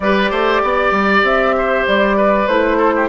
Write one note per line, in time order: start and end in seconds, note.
0.00 0.31 G3
0.00 2.49 G4
0.00 0.30 B4
0.00 1.24 D5
0.30 0.62 A3
0.30 0.61 C5
0.62 0.91 B3
0.62 1.56 D5
0.91 1.22 G3
1.22 1.84 C4
1.22 1.86 E5
1.57 2.16 C5
1.87 2.47 G3
1.87 2.47 D5
2.16 2.77 B4
2.47 3.08 A3
2.47 3.08 E4
2.47 3.08 C5
2.77 2.93 A4
2.95 3.08 G4